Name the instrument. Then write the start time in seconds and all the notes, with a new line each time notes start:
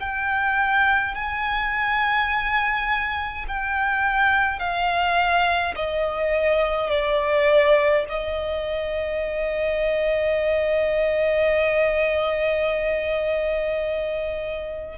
violin
0.00 G5
1.15 G#5
3.48 G5
4.59 F5
5.76 D#5
6.90 D5
8.09 D#5